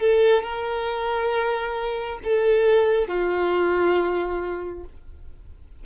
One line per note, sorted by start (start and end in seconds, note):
0.00 0.43 A4
0.43 2.20 A#4
2.24 3.08 A4
3.08 4.84 F4